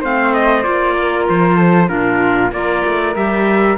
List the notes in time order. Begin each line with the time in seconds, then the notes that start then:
0.00 A3 C4 C5 F5
0.33 D#5
0.63 A#3 F4 D5
1.01 A#4
1.29 F3 C5
1.56 A4
1.87 A#2 D4 F4 A#4
2.51 A#3 F4 A#4 D5
2.85 A3
3.15 G3 G4 E5